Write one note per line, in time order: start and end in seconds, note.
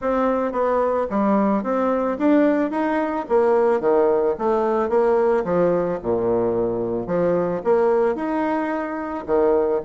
0.01 0.52 C4
0.52 1.06 B3
1.10 1.63 G3
1.63 2.17 C4
2.18 2.70 D4
2.70 3.25 D#4
3.28 3.80 A#3
3.80 4.35 D#3
4.38 4.89 A3
4.89 5.43 A#3
5.44 5.99 F3
6.02 7.06 A#2
7.06 7.61 F3
7.64 8.15 A#3
8.15 9.24 D#4
9.26 9.81 D#3